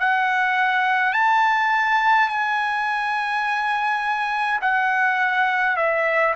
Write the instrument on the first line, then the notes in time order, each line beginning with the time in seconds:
trumpet
0.00 F#5
1.13 A5
2.29 G#5
4.62 F#5
5.77 E5